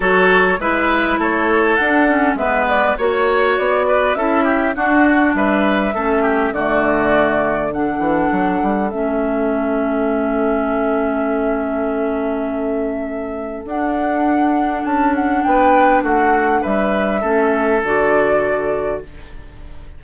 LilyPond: <<
  \new Staff \with { instrumentName = "flute" } { \time 4/4 \tempo 4 = 101 cis''4 e''4 cis''4 fis''4 | e''8 d''8 cis''4 d''4 e''4 | fis''4 e''2 d''4~ | d''4 fis''2 e''4~ |
e''1~ | e''2. fis''4~ | fis''4 a''8 fis''8 g''4 fis''4 | e''2 d''2 | }
  \new Staff \with { instrumentName = "oboe" } { \time 4/4 a'4 b'4 a'2 | b'4 cis''4. b'8 a'8 g'8 | fis'4 b'4 a'8 g'8 fis'4~ | fis'4 a'2.~ |
a'1~ | a'1~ | a'2 b'4 fis'4 | b'4 a'2. | }
  \new Staff \with { instrumentName = "clarinet" } { \time 4/4 fis'4 e'2 d'8 cis'8 | b4 fis'2 e'4 | d'2 cis'4 a4~ | a4 d'2 cis'4~ |
cis'1~ | cis'2. d'4~ | d'1~ | d'4 cis'4 fis'2 | }
  \new Staff \with { instrumentName = "bassoon" } { \time 4/4 fis4 gis4 a4 d'4 | gis4 ais4 b4 cis'4 | d'4 g4 a4 d4~ | d4. e8 fis8 g8 a4~ |
a1~ | a2. d'4~ | d'4 cis'4 b4 a4 | g4 a4 d2 | }
>>